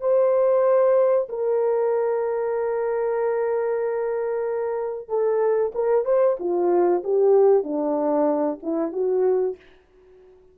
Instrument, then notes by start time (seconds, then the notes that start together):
horn
0.00 C5
1.29 A#4
5.08 A4
5.74 A#4
6.05 C5
6.39 F4
7.04 G4
7.63 D4
8.62 E4
8.92 F#4